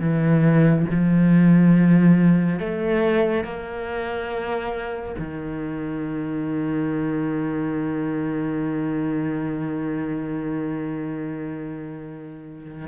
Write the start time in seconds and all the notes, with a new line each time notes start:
0.00 E3
0.91 F3
2.59 A3
3.44 A#3
5.19 D#3